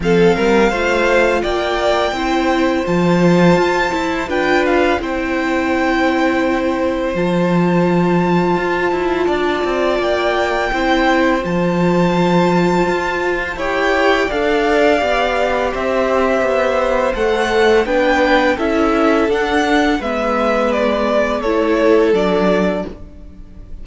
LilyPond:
<<
  \new Staff \with { instrumentName = "violin" } { \time 4/4 \tempo 4 = 84 f''2 g''2 | a''2 g''8 f''8 g''4~ | g''2 a''2~ | a''2 g''2 |
a''2. g''4 | f''2 e''2 | fis''4 g''4 e''4 fis''4 | e''4 d''4 cis''4 d''4 | }
  \new Staff \with { instrumentName = "violin" } { \time 4/4 a'8 ais'8 c''4 d''4 c''4~ | c''2 b'4 c''4~ | c''1~ | c''4 d''2 c''4~ |
c''2. cis''4 | d''2 c''2~ | c''4 b'4 a'2 | b'2 a'2 | }
  \new Staff \with { instrumentName = "viola" } { \time 4/4 c'4 f'2 e'4 | f'4. e'8 f'4 e'4~ | e'2 f'2~ | f'2. e'4 |
f'2. g'4 | a'4 g'2. | a'4 d'4 e'4 d'4 | b2 e'4 d'4 | }
  \new Staff \with { instrumentName = "cello" } { \time 4/4 f8 g8 a4 ais4 c'4 | f4 f'8 e'8 d'4 c'4~ | c'2 f2 | f'8 e'8 d'8 c'8 ais4 c'4 |
f2 f'4 e'4 | d'4 b4 c'4 b4 | a4 b4 cis'4 d'4 | gis2 a4 fis4 | }
>>